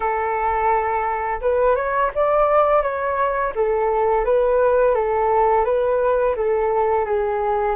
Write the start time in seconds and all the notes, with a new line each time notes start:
0.00 A4
1.41 B4
1.75 C#5
2.14 D5
2.82 C#5
3.55 A4
4.24 B4
4.94 A4
5.64 B4
6.35 A4
7.05 G#4